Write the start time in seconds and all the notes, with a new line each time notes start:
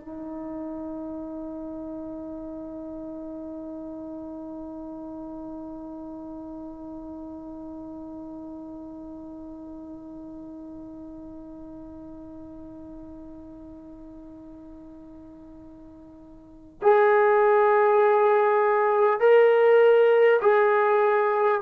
0.00 D#4
16.82 G#4
19.19 A#4
20.41 G#4